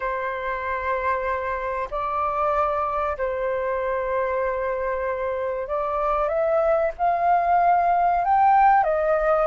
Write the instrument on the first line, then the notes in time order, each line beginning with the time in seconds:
flute
0.00 C5
1.90 D5
3.17 C5
5.67 D5
6.28 E5
6.98 F5
8.24 G5
8.83 D#5